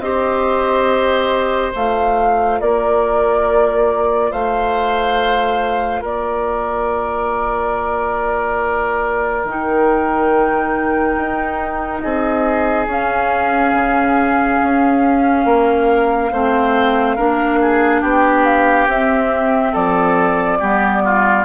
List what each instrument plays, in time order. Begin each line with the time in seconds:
0.00 bassoon C4, clarinet G4, oboe C5, flute D#5
1.73 bassoon A3, clarinet F4, flute F5
2.61 bassoon A#3, oboe A#4, flute D5
4.31 bassoon A3, oboe C5, flute F5
6.02 bassoon A#3, oboe A#4, flute D5
9.45 bassoon D#3, clarinet D#4, flute G5
11.18 bassoon D#4
12.00 bassoon C4, oboe G#4, flute D#5
12.87 bassoon C#4, clarinet C#4, flute F5
13.73 bassoon C#3
14.63 bassoon C#4
15.46 bassoon A#3, oboe A#4
16.32 bassoon A3, clarinet C4, oboe C5
17.17 bassoon A#3, clarinet D4, oboe A#4
17.61 oboe G#4
18.02 bassoon B3, oboe G4, flute G5
18.45 flute F5
18.87 bassoon C4, clarinet C4, flute E5
19.73 bassoon F3, oboe A4, flute D5
20.60 bassoon G3, clarinet B3, oboe G4
21.05 oboe F4